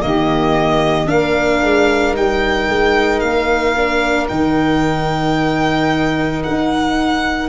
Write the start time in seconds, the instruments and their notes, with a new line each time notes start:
0.00 tuba D#3, viola A#3, saxophone G4, violin D#5
1.06 tuba A#3, viola D4, saxophone A#4, violin F5
1.62 tuba G#3
2.13 tuba G3, viola D#4, violin G5
2.68 tuba G#3
3.19 tuba A#3, violin F5
3.76 viola D4
4.28 tuba D#3, viola D#4, violin G5
6.43 tuba D#4, violin F#5